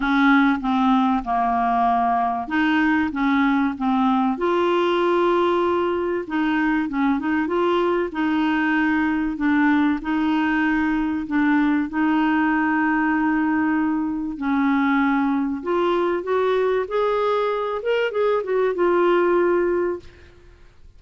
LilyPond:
\new Staff \with { instrumentName = "clarinet" } { \time 4/4 \tempo 4 = 96 cis'4 c'4 ais2 | dis'4 cis'4 c'4 f'4~ | f'2 dis'4 cis'8 dis'8 | f'4 dis'2 d'4 |
dis'2 d'4 dis'4~ | dis'2. cis'4~ | cis'4 f'4 fis'4 gis'4~ | gis'8 ais'8 gis'8 fis'8 f'2 | }